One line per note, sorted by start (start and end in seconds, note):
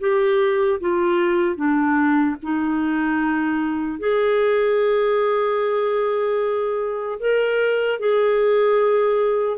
0.00 0.80 G4
0.80 1.56 F4
1.56 2.36 D4
2.43 3.99 D#4
3.99 7.19 G#4
7.20 8.00 A#4
8.00 9.58 G#4